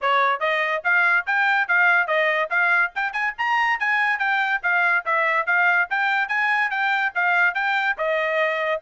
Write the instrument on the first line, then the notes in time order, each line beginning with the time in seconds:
trumpet
0.01 C#5
0.40 D#5
0.84 F5
1.26 G5
1.68 F5
2.07 D#5
2.50 F5
2.95 G5
3.12 G#5
3.37 A#5
3.79 G#5
4.18 G5
4.62 F5
5.05 E5
5.46 F5
5.90 G5
6.28 G#5
6.70 G5
7.14 F5
7.54 G5
7.97 D#5